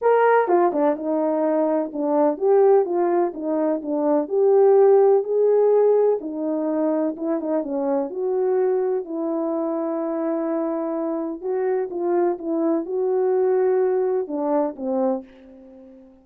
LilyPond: \new Staff \with { instrumentName = "horn" } { \time 4/4 \tempo 4 = 126 ais'4 f'8 d'8 dis'2 | d'4 g'4 f'4 dis'4 | d'4 g'2 gis'4~ | gis'4 dis'2 e'8 dis'8 |
cis'4 fis'2 e'4~ | e'1 | fis'4 f'4 e'4 fis'4~ | fis'2 d'4 c'4 | }